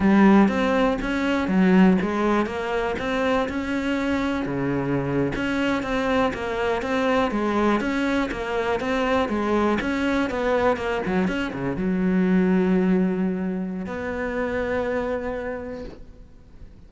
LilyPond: \new Staff \with { instrumentName = "cello" } { \time 4/4 \tempo 4 = 121 g4 c'4 cis'4 fis4 | gis4 ais4 c'4 cis'4~ | cis'4 cis4.~ cis16 cis'4 c'16~ | c'8. ais4 c'4 gis4 cis'16~ |
cis'8. ais4 c'4 gis4 cis'16~ | cis'8. b4 ais8 fis8 cis'8 cis8 fis16~ | fis1 | b1 | }